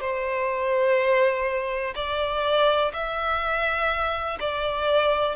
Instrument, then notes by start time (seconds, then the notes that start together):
violin
0.00 C5
1.95 D5
2.93 E5
4.40 D5